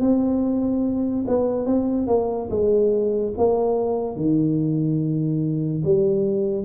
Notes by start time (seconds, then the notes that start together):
0.00 C4
1.27 B3
1.66 C4
2.07 A#3
2.50 G#3
3.37 A#3
4.16 D#3
5.84 G3